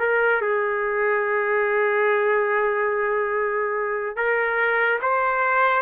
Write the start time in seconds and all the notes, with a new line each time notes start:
0.00 A#4
0.42 G#4
4.17 A#4
5.02 C5